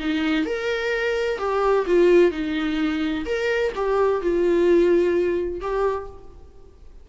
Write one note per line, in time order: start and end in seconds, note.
0.00 0.46 D#4
0.46 1.39 A#4
1.39 1.86 G4
1.87 2.32 F4
2.32 3.25 D#4
3.26 3.73 A#4
3.75 4.22 G4
4.22 5.61 F4
5.61 6.08 G4